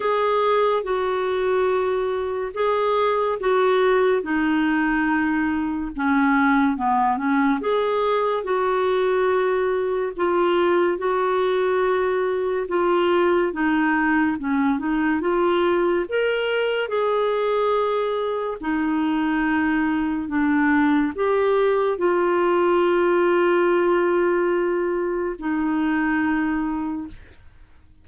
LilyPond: \new Staff \with { instrumentName = "clarinet" } { \time 4/4 \tempo 4 = 71 gis'4 fis'2 gis'4 | fis'4 dis'2 cis'4 | b8 cis'8 gis'4 fis'2 | f'4 fis'2 f'4 |
dis'4 cis'8 dis'8 f'4 ais'4 | gis'2 dis'2 | d'4 g'4 f'2~ | f'2 dis'2 | }